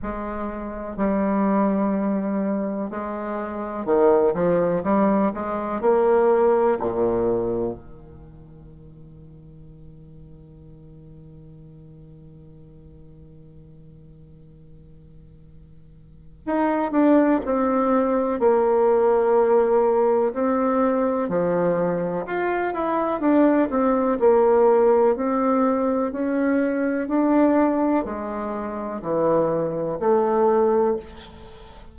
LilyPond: \new Staff \with { instrumentName = "bassoon" } { \time 4/4 \tempo 4 = 62 gis4 g2 gis4 | dis8 f8 g8 gis8 ais4 ais,4 | dis1~ | dis1~ |
dis4 dis'8 d'8 c'4 ais4~ | ais4 c'4 f4 f'8 e'8 | d'8 c'8 ais4 c'4 cis'4 | d'4 gis4 e4 a4 | }